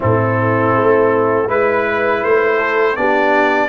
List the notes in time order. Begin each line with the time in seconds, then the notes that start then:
0.00 A2 C4 E4 A4
0.75 A3
1.46 G#3 E4 B4
2.23 A3 C5
2.58 A4
2.96 B3 D4 G4 D5